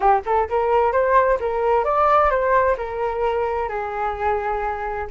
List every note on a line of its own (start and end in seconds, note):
0.00 0.22 G4
0.25 0.48 A4
0.49 0.92 A#4
0.92 1.38 C5
1.40 1.84 A#4
1.84 2.30 D5
2.30 2.76 C5
2.77 3.68 A#4
3.68 5.07 G#4